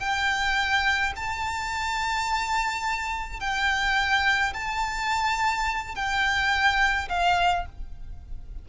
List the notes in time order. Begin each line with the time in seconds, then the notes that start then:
0.00 G5
1.16 A5
3.40 G5
4.54 A5
5.96 G5
7.09 F5